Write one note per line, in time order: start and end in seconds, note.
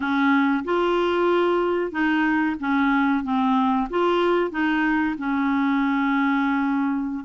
0.00 0.64 C#4
0.64 1.91 F4
1.91 2.56 D#4
2.59 3.23 C#4
3.23 3.88 C4
3.89 4.50 F4
4.50 5.15 D#4
5.18 7.24 C#4